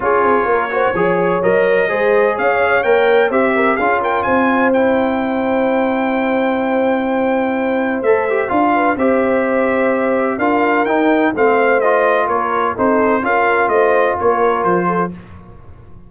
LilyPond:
<<
  \new Staff \with { instrumentName = "trumpet" } { \time 4/4 \tempo 4 = 127 cis''2. dis''4~ | dis''4 f''4 g''4 e''4 | f''8 g''8 gis''4 g''2~ | g''1~ |
g''4 e''4 f''4 e''4~ | e''2 f''4 g''4 | f''4 dis''4 cis''4 c''4 | f''4 dis''4 cis''4 c''4 | }
  \new Staff \with { instrumentName = "horn" } { \time 4/4 gis'4 ais'8 c''8 cis''2 | c''4 cis''2 c''8 ais'8 | gis'8 ais'8 c''2.~ | c''1~ |
c''2~ c''8 b'8 c''4~ | c''2 ais'2 | c''2 ais'4 a'4 | ais'4 c''4 ais'4. a'8 | }
  \new Staff \with { instrumentName = "trombone" } { \time 4/4 f'4. fis'8 gis'4 ais'4 | gis'2 ais'4 g'4 | f'2 e'2~ | e'1~ |
e'4 a'8 g'8 f'4 g'4~ | g'2 f'4 dis'4 | c'4 f'2 dis'4 | f'1 | }
  \new Staff \with { instrumentName = "tuba" } { \time 4/4 cis'8 c'8 ais4 f4 fis4 | gis4 cis'4 ais4 c'4 | cis'4 c'2.~ | c'1~ |
c'4 a4 d'4 c'4~ | c'2 d'4 dis'4 | a2 ais4 c'4 | cis'4 a4 ais4 f4 | }
>>